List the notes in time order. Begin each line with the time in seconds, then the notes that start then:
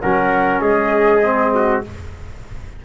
0.00 F#3 C#4 A#4 F#5
0.60 G#3 G#4 D#5
1.23 C4
1.55 F#4